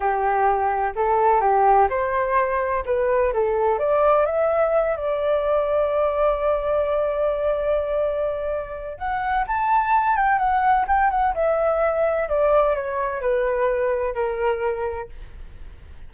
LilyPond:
\new Staff \with { instrumentName = "flute" } { \time 4/4 \tempo 4 = 127 g'2 a'4 g'4 | c''2 b'4 a'4 | d''4 e''4. d''4.~ | d''1~ |
d''2. fis''4 | a''4. g''8 fis''4 g''8 fis''8 | e''2 d''4 cis''4 | b'2 ais'2 | }